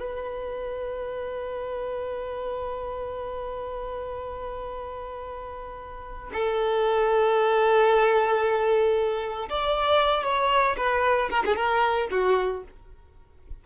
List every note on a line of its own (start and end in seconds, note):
0.00 6.32 B4
6.34 9.50 A4
9.50 10.24 D5
10.24 10.77 C#5
10.77 11.30 B4
11.31 11.44 A#4
11.46 11.56 G#4
11.56 12.09 A#4
12.11 12.64 F#4